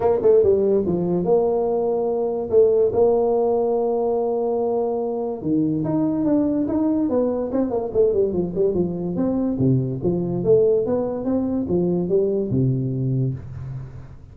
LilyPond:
\new Staff \with { instrumentName = "tuba" } { \time 4/4 \tempo 4 = 144 ais8 a8 g4 f4 ais4~ | ais2 a4 ais4~ | ais1~ | ais4 dis4 dis'4 d'4 |
dis'4 b4 c'8 ais8 a8 g8 | f8 g8 f4 c'4 c4 | f4 a4 b4 c'4 | f4 g4 c2 | }